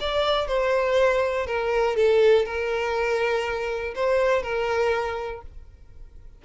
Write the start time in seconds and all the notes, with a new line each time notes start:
0.00 D5
0.47 C5
1.46 A#4
1.96 A4
2.45 A#4
3.95 C5
4.42 A#4